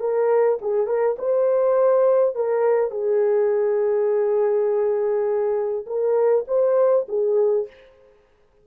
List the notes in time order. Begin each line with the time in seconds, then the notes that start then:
0.00 A#4
0.62 G#4
0.87 A#4
1.18 C5
2.35 A#4
2.91 G#4
5.86 A#4
6.47 C5
7.09 G#4